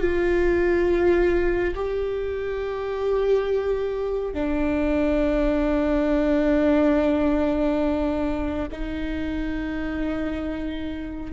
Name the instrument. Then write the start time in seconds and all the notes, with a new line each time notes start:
viola
0.00 F4
1.74 G4
4.34 D4
8.71 D#4